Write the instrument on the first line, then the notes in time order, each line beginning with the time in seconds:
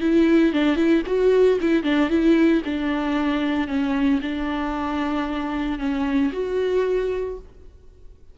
viola
0.00 E4
0.52 D4
0.76 E4
1.06 F#4
1.61 E4
1.83 D4
2.09 E4
2.65 D4
3.67 C#4
4.22 D4
5.78 C#4
6.32 F#4